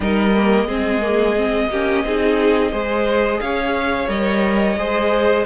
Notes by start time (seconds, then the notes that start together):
0.00 G3 D#4 A#4 D#5
0.35 A#3
0.67 G#3 C4 G#4
1.01 A#3
1.36 C4
1.69 A#3 C#4 G4
2.04 C4 D#4 G#4
2.71 G#3 G#4 C5
3.40 C#4 C#5 F5
4.08 G3 A#4 D#5
4.76 G#3 G#4 C5